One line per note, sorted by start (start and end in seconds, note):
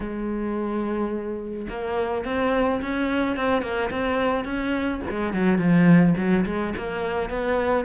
0.00 1.67 G#3
1.68 2.24 A#3
2.25 2.81 C4
2.81 3.36 C#4
3.36 3.62 C4
3.62 3.90 A#3
3.90 4.45 C4
4.45 5.01 C#4
5.10 5.33 G#3
5.33 5.58 F#3
5.58 6.14 F3
6.17 6.45 F#3
6.45 6.73 G#3
6.77 7.29 A#3
7.29 7.85 B3